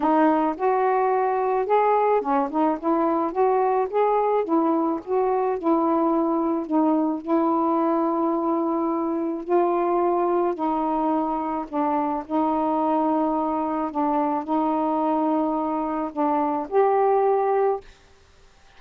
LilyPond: \new Staff \with { instrumentName = "saxophone" } { \time 4/4 \tempo 4 = 108 dis'4 fis'2 gis'4 | cis'8 dis'8 e'4 fis'4 gis'4 | e'4 fis'4 e'2 | dis'4 e'2.~ |
e'4 f'2 dis'4~ | dis'4 d'4 dis'2~ | dis'4 d'4 dis'2~ | dis'4 d'4 g'2 | }